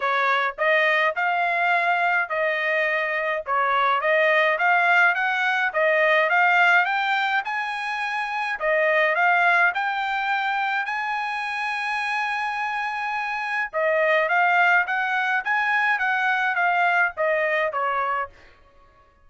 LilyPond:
\new Staff \with { instrumentName = "trumpet" } { \time 4/4 \tempo 4 = 105 cis''4 dis''4 f''2 | dis''2 cis''4 dis''4 | f''4 fis''4 dis''4 f''4 | g''4 gis''2 dis''4 |
f''4 g''2 gis''4~ | gis''1 | dis''4 f''4 fis''4 gis''4 | fis''4 f''4 dis''4 cis''4 | }